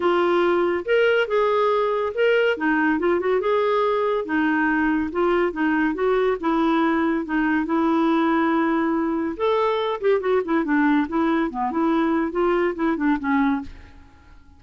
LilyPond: \new Staff \with { instrumentName = "clarinet" } { \time 4/4 \tempo 4 = 141 f'2 ais'4 gis'4~ | gis'4 ais'4 dis'4 f'8 fis'8 | gis'2 dis'2 | f'4 dis'4 fis'4 e'4~ |
e'4 dis'4 e'2~ | e'2 a'4. g'8 | fis'8 e'8 d'4 e'4 b8 e'8~ | e'4 f'4 e'8 d'8 cis'4 | }